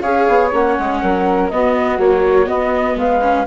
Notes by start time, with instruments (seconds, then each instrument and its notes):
0.00 bassoon C#4, viola G#4, flute C#5 F5
0.28 bassoon B3
0.52 bassoon A#3, viola C#4, flute F#5
0.78 bassoon G#3
1.02 bassoon F#3, flute A#4
1.48 bassoon B3, viola B3, flute F#4 D#5
1.98 viola F#3, bassoon A#3, flute C#5
2.46 viola B3, bassoon B3, flute D#5
2.95 bassoon G#3, flute B4 F5
3.21 viola C#4